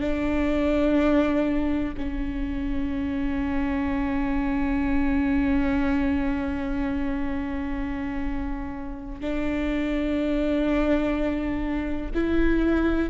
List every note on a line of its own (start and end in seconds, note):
0.00 1.94 D4
1.97 9.20 C#4
9.20 12.11 D4
12.14 13.10 E4